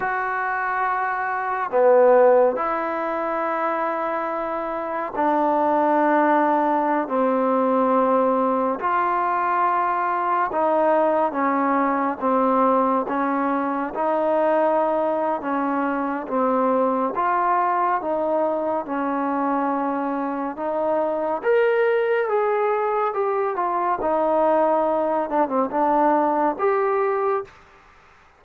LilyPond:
\new Staff \with { instrumentName = "trombone" } { \time 4/4 \tempo 4 = 70 fis'2 b4 e'4~ | e'2 d'2~ | d'16 c'2 f'4.~ f'16~ | f'16 dis'4 cis'4 c'4 cis'8.~ |
cis'16 dis'4.~ dis'16 cis'4 c'4 | f'4 dis'4 cis'2 | dis'4 ais'4 gis'4 g'8 f'8 | dis'4. d'16 c'16 d'4 g'4 | }